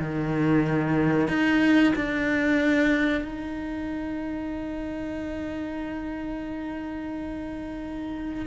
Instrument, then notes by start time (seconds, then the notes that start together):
cello
0.00 D#3
1.29 D#4
1.96 D4
3.25 D#4